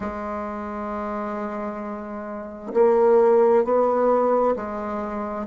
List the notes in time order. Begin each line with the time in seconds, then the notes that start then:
0.00 G#3
2.73 A#3
3.64 B3
4.55 G#3